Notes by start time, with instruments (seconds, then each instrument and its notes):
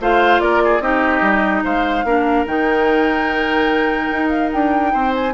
0.00 bassoon A3, clarinet F4, oboe C5, flute F5
0.40 bassoon A#3, oboe A#4, flute D5
0.64 oboe G#4
0.80 bassoon C4, clarinet D#4, oboe G4, flute D#5
1.21 bassoon G3
1.64 bassoon G#3, oboe C5, flute F5
2.04 bassoon A#3, clarinet D4, oboe A#4
2.46 bassoon D#3, clarinet D#4, flute G5
4.11 bassoon D#4
4.29 flute F5
4.52 bassoon D4, flute G5
4.92 bassoon C4, oboe C5
5.14 flute G#5